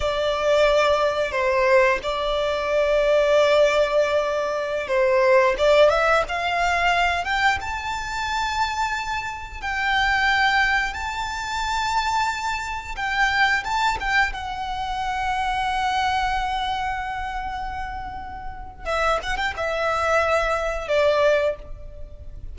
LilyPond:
\new Staff \with { instrumentName = "violin" } { \time 4/4 \tempo 4 = 89 d''2 c''4 d''4~ | d''2.~ d''16 c''8.~ | c''16 d''8 e''8 f''4. g''8 a''8.~ | a''2~ a''16 g''4.~ g''16~ |
g''16 a''2. g''8.~ | g''16 a''8 g''8 fis''2~ fis''8.~ | fis''1 | e''8 fis''16 g''16 e''2 d''4 | }